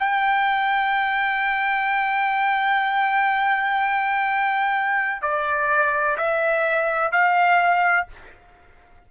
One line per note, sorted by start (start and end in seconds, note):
0.00 5.22 G5
5.22 6.17 D5
6.18 7.12 E5
7.12 8.07 F5